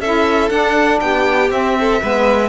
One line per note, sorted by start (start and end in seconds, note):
0.00 0.50 C#4
0.00 0.50 E4
0.00 1.01 A4
0.00 0.49 E5
0.49 1.49 D4
0.49 1.01 D4
0.49 0.99 F#5
1.01 1.51 B3
1.01 1.79 G4
1.01 1.51 G5
1.49 1.99 C4
1.49 2.01 C4
1.49 2.49 E5
1.80 2.02 A4
2.02 2.49 G#3
2.02 2.49 B3
2.02 2.49 B4